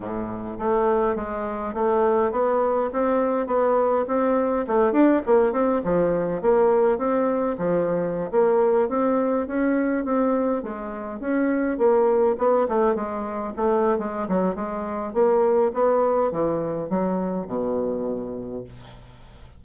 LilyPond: \new Staff \with { instrumentName = "bassoon" } { \time 4/4 \tempo 4 = 103 a,4 a4 gis4 a4 | b4 c'4 b4 c'4 | a8 d'8 ais8 c'8 f4 ais4 | c'4 f4~ f16 ais4 c'8.~ |
c'16 cis'4 c'4 gis4 cis'8.~ | cis'16 ais4 b8 a8 gis4 a8. | gis8 fis8 gis4 ais4 b4 | e4 fis4 b,2 | }